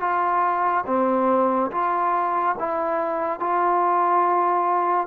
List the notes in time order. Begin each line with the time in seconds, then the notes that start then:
0.00 F4
0.87 C4
1.71 F4
2.59 E4
3.40 F4